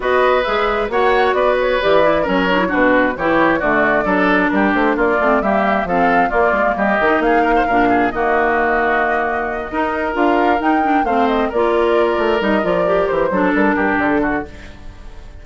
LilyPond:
<<
  \new Staff \with { instrumentName = "flute" } { \time 4/4 \tempo 4 = 133 dis''4 e''4 fis''4 d''8 cis''8 | d''4 cis''4 b'4 cis''4 | d''2 ais'8 c''8 d''4 | e''4 f''4 d''4 dis''4 |
f''2 dis''2~ | dis''2~ dis''8 f''4 g''8~ | g''8 f''8 dis''8 d''2 dis''8 | d''4 c''4 ais'4 a'4 | }
  \new Staff \with { instrumentName = "oboe" } { \time 4/4 b'2 cis''4 b'4~ | b'4 ais'4 fis'4 g'4 | fis'4 a'4 g'4 f'4 | g'4 a'4 f'4 g'4 |
gis'8 ais'16 c''16 ais'8 gis'8 fis'2~ | fis'4. ais'2~ ais'8~ | ais'8 c''4 ais'2~ ais'8~ | ais'4. a'4 g'4 fis'8 | }
  \new Staff \with { instrumentName = "clarinet" } { \time 4/4 fis'4 gis'4 fis'2 | g'8 e'8 cis'8 d'16 e'16 d'4 e'4 | a4 d'2~ d'8 c'8 | ais4 c'4 ais4. dis'8~ |
dis'4 d'4 ais2~ | ais4. dis'4 f'4 dis'8 | d'8 c'4 f'2 dis'8 | f'8 g'4 d'2~ d'8 | }
  \new Staff \with { instrumentName = "bassoon" } { \time 4/4 b4 gis4 ais4 b4 | e4 fis4 b,4 e4 | d4 fis4 g8 a8 ais8 a8 | g4 f4 ais8 gis8 g8 dis8 |
ais4 ais,4 dis2~ | dis4. dis'4 d'4 dis'8~ | dis'8 a4 ais4. a8 g8 | f4 e8 fis8 g8 g,8 d4 | }
>>